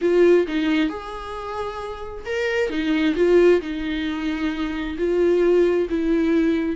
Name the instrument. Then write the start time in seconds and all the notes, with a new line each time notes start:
viola
0.01 F4
0.47 D#4
0.89 G#4
2.25 A#4
2.69 D#4
3.15 F4
3.61 D#4
4.97 F4
5.89 E4